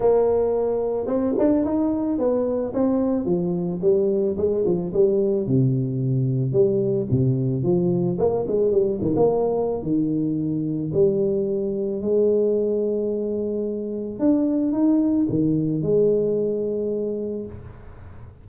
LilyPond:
\new Staff \with { instrumentName = "tuba" } { \time 4/4 \tempo 4 = 110 ais2 c'8 d'8 dis'4 | b4 c'4 f4 g4 | gis8 f8 g4 c2 | g4 c4 f4 ais8 gis8 |
g8 dis16 ais4~ ais16 dis2 | g2 gis2~ | gis2 d'4 dis'4 | dis4 gis2. | }